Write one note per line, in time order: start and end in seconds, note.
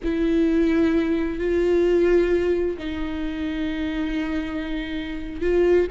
0.03 1.38 E4
1.38 2.77 F4
2.77 5.41 D#4
5.41 5.87 F4